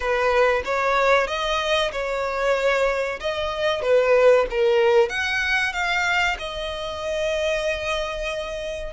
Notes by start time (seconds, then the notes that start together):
0.00 B4
0.64 C#5
1.27 D#5
1.91 C#5
3.19 D#5
3.82 B4
4.50 A#4
5.09 F#5
5.72 F5
6.39 D#5